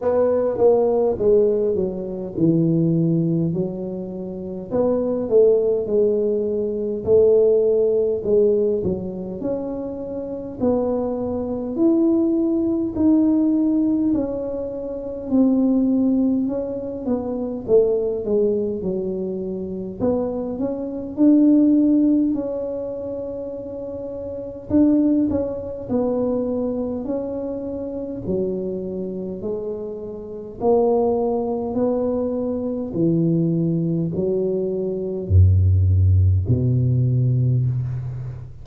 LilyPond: \new Staff \with { instrumentName = "tuba" } { \time 4/4 \tempo 4 = 51 b8 ais8 gis8 fis8 e4 fis4 | b8 a8 gis4 a4 gis8 fis8 | cis'4 b4 e'4 dis'4 | cis'4 c'4 cis'8 b8 a8 gis8 |
fis4 b8 cis'8 d'4 cis'4~ | cis'4 d'8 cis'8 b4 cis'4 | fis4 gis4 ais4 b4 | e4 fis4 fis,4 b,4 | }